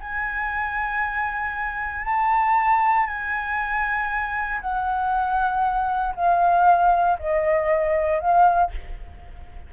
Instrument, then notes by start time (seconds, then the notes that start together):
flute
0.00 G#5
2.05 A5
3.07 G#5
4.61 F#5
6.15 F5
7.19 D#5
8.20 F5